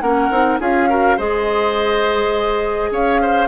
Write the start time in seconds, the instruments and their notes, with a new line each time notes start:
0.00 bassoon A#3, clarinet C#4, oboe A#4, flute F#5
0.30 bassoon C4, clarinet D#4
0.60 bassoon C#4, clarinet F4, oboe G#4, flute F5
0.88 clarinet F#4, oboe A#4
1.16 bassoon G#3, clarinet G#4, oboe C5, flute D#5
2.91 bassoon C#4, oboe C#5, flute F5
3.22 oboe C5